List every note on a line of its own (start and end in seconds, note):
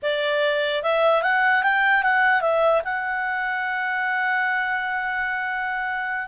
0.02 0.82 D5
0.82 1.22 E5
1.22 1.62 F#5
1.62 2.03 G5
2.03 2.41 F#5
2.41 2.81 E5
2.84 6.27 F#5